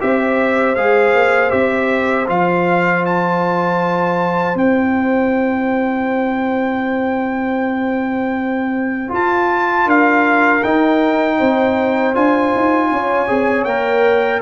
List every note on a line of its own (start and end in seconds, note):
0.00 0.76 C4
0.00 0.76 G4
0.00 9.85 C5
0.00 0.75 E5
0.75 1.14 G#3
0.75 1.50 G#4
0.75 1.50 F5
1.14 1.52 A#3
1.50 2.28 C4
1.50 2.25 G4
1.50 2.26 E5
2.27 4.55 F3
2.27 4.55 F4
2.27 3.05 F5
3.06 4.57 A5
4.55 9.10 C4
4.55 9.08 E4
4.55 9.13 G5
9.08 10.60 F4
9.08 9.85 F4
9.14 9.89 A5
9.85 10.61 D4
9.85 11.37 A#4
9.85 10.63 F5
10.63 11.39 D#4
10.63 12.14 D#4
10.63 12.15 G5
11.38 12.16 C4
11.38 12.90 C5
12.14 12.53 D4
12.14 13.28 F4
12.14 13.64 G#5
12.55 12.91 D#4
12.91 13.29 C#4
12.91 14.42 C#5
13.28 13.65 C4
13.28 13.66 G#4
13.64 14.41 A#3
13.64 14.42 A#4
13.64 14.40 G5